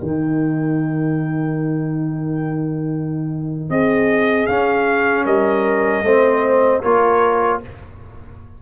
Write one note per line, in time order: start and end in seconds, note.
0.00 3.70 D#3
0.00 4.49 D#4
0.00 3.71 A#4
0.00 3.70 G5
3.70 4.48 C4
3.70 5.25 G#4
3.70 4.47 D#5
4.47 5.25 C#4
4.47 6.04 C#4
4.47 5.25 F5
5.25 6.03 G3
5.25 6.03 A#4
5.25 6.82 D#5
6.03 6.81 A3
6.03 6.83 C4
6.03 6.83 C5
6.82 7.62 A#3
6.82 7.62 F4
6.82 7.61 A#4
6.82 7.60 C#5